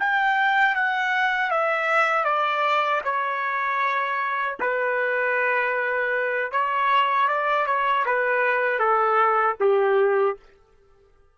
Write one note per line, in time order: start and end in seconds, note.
0.00 0.76 G5
0.76 1.51 F#5
1.51 2.25 E5
2.25 3.02 D5
3.05 4.58 C#5
4.60 6.52 B4
6.52 7.28 C#5
7.28 7.67 D5
7.67 8.05 C#5
8.06 8.80 B4
8.80 9.57 A4
9.60 10.37 G4